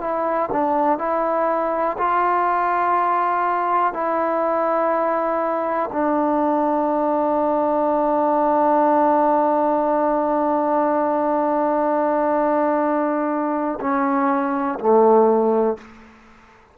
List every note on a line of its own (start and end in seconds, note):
0.00 0.49 E4
0.51 0.98 D4
0.98 1.96 E4
1.98 3.93 F4
3.93 5.90 E4
5.92 13.79 D4
13.80 14.79 C#4
14.79 15.77 A3